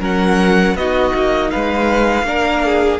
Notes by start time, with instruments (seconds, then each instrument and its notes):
0.00 cello F#3, viola C#4, violin A#4 F#5
0.75 cello B3, viola D#4, violin F#4 D#5
1.14 cello A#3
1.51 cello G#3, violin B4 F5
2.23 cello A#3, viola D4, violin A#4
2.65 violin G#4